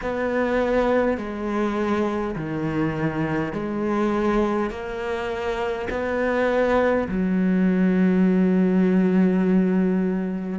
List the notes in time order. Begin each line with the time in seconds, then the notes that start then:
0.01 B3
1.17 G#3
2.35 D#3
3.52 G#3
4.70 A#3
5.89 B3
7.08 F#3